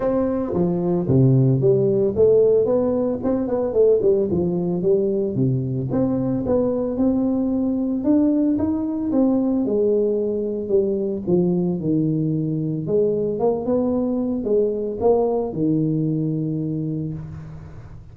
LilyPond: \new Staff \with { instrumentName = "tuba" } { \time 4/4 \tempo 4 = 112 c'4 f4 c4 g4 | a4 b4 c'8 b8 a8 g8 | f4 g4 c4 c'4 | b4 c'2 d'4 |
dis'4 c'4 gis2 | g4 f4 dis2 | gis4 ais8 b4. gis4 | ais4 dis2. | }